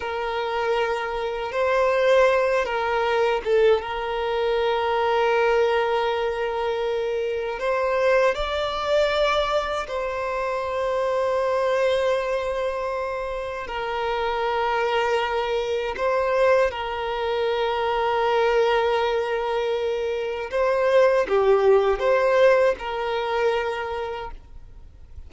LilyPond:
\new Staff \with { instrumentName = "violin" } { \time 4/4 \tempo 4 = 79 ais'2 c''4. ais'8~ | ais'8 a'8 ais'2.~ | ais'2 c''4 d''4~ | d''4 c''2.~ |
c''2 ais'2~ | ais'4 c''4 ais'2~ | ais'2. c''4 | g'4 c''4 ais'2 | }